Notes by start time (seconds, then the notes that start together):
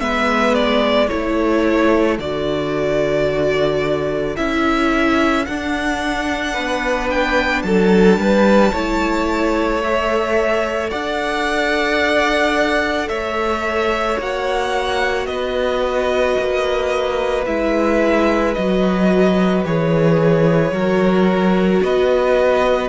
0.00 G#3 B3 B4 E5
0.54 D5
1.08 A3 E4 A4 C#5
2.19 D3 F#4 D5
4.36 C#4 E4 E5
5.45 D4 F#5
6.54 B3 B4
7.10 G5
7.62 F#3 A4 A5
8.17 G3 B4
8.72 A3 E4 C#5
9.82 A4 E5
10.90 D4 D5 F#5
13.08 A3 C#5 E5
14.18 A#3 F#4 F#5
15.26 B3 B4 D#5
16.39 A#3
17.46 G#3 E4 E5
18.54 F#3 F#4 D#5
19.64 E3 G#4 C#5
20.72 F#3 F#4 A#4
21.82 B3 B4 D#5